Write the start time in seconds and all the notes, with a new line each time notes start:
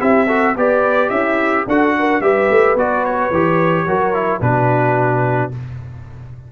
0.00 C4 E4 G4 E5
0.27 F#4 A4
0.56 B3 G4 B4 D5
1.10 C#4 E4 E5
1.68 D4 F#4 A4 F#5
1.99 A#4
2.21 G3 G4 B4 E5
2.50 A3
2.75 B3 F#4 D5
3.05 C#5
3.31 E3 G4
3.86 F#3 F#4 A#4
4.14 E4
4.42 B2 D4 F#4 B4